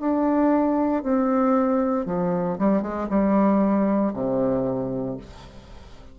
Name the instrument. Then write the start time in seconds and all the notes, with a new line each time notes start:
bassoon
0.00 D4
1.03 C4
2.06 F3
2.59 G3
2.82 G#3
3.09 G3
4.14 C3